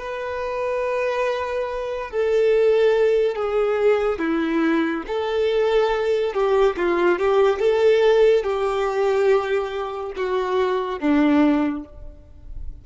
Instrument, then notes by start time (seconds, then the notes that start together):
violin
0.00 B4
2.11 A4
3.36 G#4
4.19 E4
5.07 A4
6.34 G4
6.77 F4
7.19 G4
7.60 A4
8.44 G4
10.17 F#4
11.00 D4